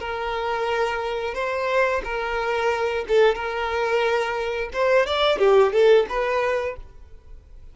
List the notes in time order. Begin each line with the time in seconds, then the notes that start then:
0.00 A#4
1.35 C5
2.04 A#4
3.08 A4
3.35 A#4
4.73 C5
5.06 D5
5.39 G4
5.72 A4
6.09 B4